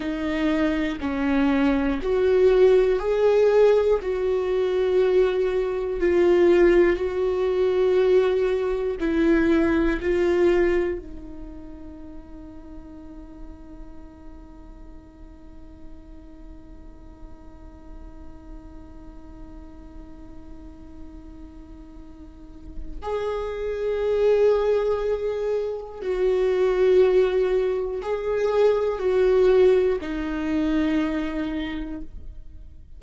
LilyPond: \new Staff \with { instrumentName = "viola" } { \time 4/4 \tempo 4 = 60 dis'4 cis'4 fis'4 gis'4 | fis'2 f'4 fis'4~ | fis'4 e'4 f'4 dis'4~ | dis'1~ |
dis'1~ | dis'2. gis'4~ | gis'2 fis'2 | gis'4 fis'4 dis'2 | }